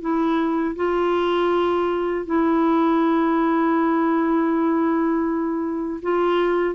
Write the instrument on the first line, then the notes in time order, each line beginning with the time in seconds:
clarinet
0.00 E4
0.75 F4
2.25 E4
6.02 F4